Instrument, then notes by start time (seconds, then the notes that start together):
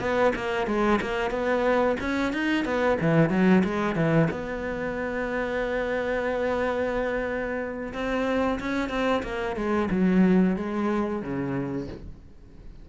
cello
0.00 B3
0.35 A#3
0.67 G#3
1.02 A#3
1.31 B3
2.00 C#4
2.33 D#4
2.65 B3
3.01 E3
3.30 F#3
3.64 G#3
3.95 E3
4.31 B3
7.93 C4
8.60 C#4
8.90 C4
9.23 A#3
9.56 G#3
9.91 F#3
10.56 G#3
11.22 C#3